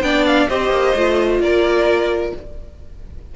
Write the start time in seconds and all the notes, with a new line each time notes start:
0.00 B3 D4 D5 G5
0.25 F5
0.48 C4 G4 C5 D#5
0.70 A#3
0.95 A3 F4
1.39 A#3 A#4 D5